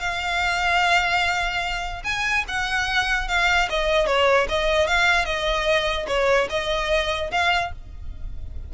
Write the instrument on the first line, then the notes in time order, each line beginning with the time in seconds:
violin
0.00 F5
2.04 G#5
2.48 F#5
3.28 F5
3.69 D#5
4.07 C#5
4.49 D#5
4.87 F5
5.25 D#5
6.07 C#5
6.50 D#5
7.31 F5